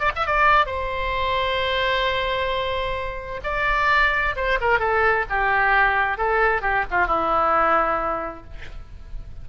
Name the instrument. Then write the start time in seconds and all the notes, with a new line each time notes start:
oboe
0.00 D5
0.16 E5
0.27 D5
0.66 C5
3.44 D5
4.36 C5
4.61 A#4
4.80 A4
5.30 G4
6.18 A4
6.62 G4
6.91 F4
7.07 E4